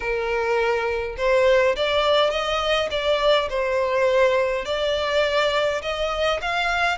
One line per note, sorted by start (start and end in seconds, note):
0.00 1.16 A#4
1.17 1.75 C5
1.76 2.30 D5
2.30 2.88 D#5
2.90 3.48 D5
3.50 4.65 C5
4.65 5.81 D5
5.82 6.40 D#5
6.41 6.98 F5